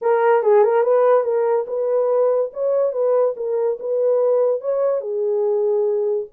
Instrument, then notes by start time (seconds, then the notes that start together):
horn
0.01 A#4
0.43 G#4
0.63 A#4
0.82 B4
1.23 A#4
1.67 B4
2.53 C#5
2.92 B4
3.36 A#4
3.79 B4
4.60 C#5
5.00 G#4